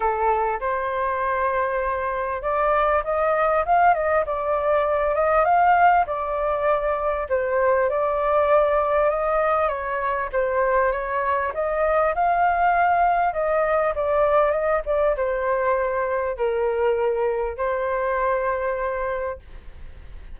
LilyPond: \new Staff \with { instrumentName = "flute" } { \time 4/4 \tempo 4 = 99 a'4 c''2. | d''4 dis''4 f''8 dis''8 d''4~ | d''8 dis''8 f''4 d''2 | c''4 d''2 dis''4 |
cis''4 c''4 cis''4 dis''4 | f''2 dis''4 d''4 | dis''8 d''8 c''2 ais'4~ | ais'4 c''2. | }